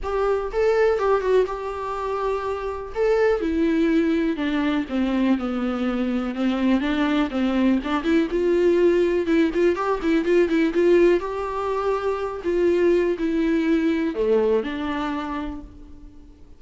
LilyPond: \new Staff \with { instrumentName = "viola" } { \time 4/4 \tempo 4 = 123 g'4 a'4 g'8 fis'8 g'4~ | g'2 a'4 e'4~ | e'4 d'4 c'4 b4~ | b4 c'4 d'4 c'4 |
d'8 e'8 f'2 e'8 f'8 | g'8 e'8 f'8 e'8 f'4 g'4~ | g'4. f'4. e'4~ | e'4 a4 d'2 | }